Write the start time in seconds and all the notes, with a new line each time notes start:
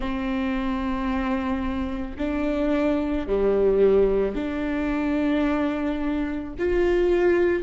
0.00 C4
2.18 D4
3.27 G3
4.35 D4
6.59 F4